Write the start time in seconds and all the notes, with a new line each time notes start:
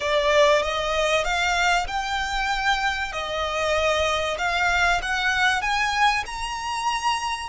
0.00 D5
0.62 D#5
1.24 F5
1.87 G5
3.12 D#5
4.38 F5
5.02 F#5
5.61 G#5
6.26 A#5